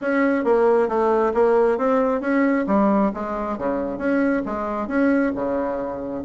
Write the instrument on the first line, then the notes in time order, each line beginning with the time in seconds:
bassoon
0.01 C#4
0.44 A#3
0.88 A3
1.34 A#3
1.77 C4
2.20 C#4
2.67 G3
3.14 G#3
3.58 C#3
3.98 C#4
4.45 G#3
4.87 C#4
5.35 C#3